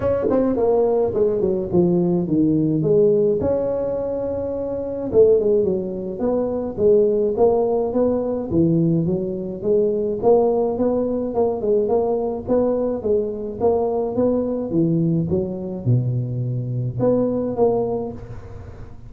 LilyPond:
\new Staff \with { instrumentName = "tuba" } { \time 4/4 \tempo 4 = 106 cis'8 c'8 ais4 gis8 fis8 f4 | dis4 gis4 cis'2~ | cis'4 a8 gis8 fis4 b4 | gis4 ais4 b4 e4 |
fis4 gis4 ais4 b4 | ais8 gis8 ais4 b4 gis4 | ais4 b4 e4 fis4 | b,2 b4 ais4 | }